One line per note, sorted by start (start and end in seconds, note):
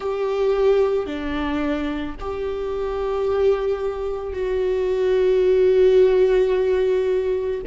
0.00 1.06 G4
1.06 2.15 D4
2.20 4.33 G4
4.33 7.60 F#4